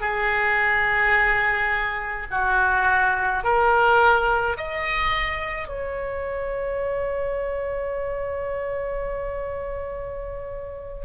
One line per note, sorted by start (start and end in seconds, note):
0.00 2.26 G#4
2.30 3.43 F#4
3.43 4.56 A#4
4.56 5.68 D#5
5.68 11.05 C#5